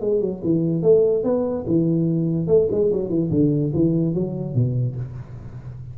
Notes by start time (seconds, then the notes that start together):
0.00 G#3
0.20 F#3
0.43 E3
0.82 A3
1.23 B3
1.66 E3
2.47 A3
2.71 G#3
2.92 F#3
3.09 E3
3.30 D3
3.73 E3
4.14 F#3
4.54 B2